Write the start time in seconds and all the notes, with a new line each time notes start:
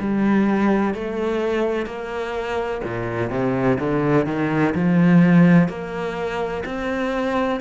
0.00 G3
0.94 A3
1.86 A#3
2.84 A#2
3.30 C3
3.79 D3
4.26 D#3
4.74 F3
5.68 A#3
6.65 C4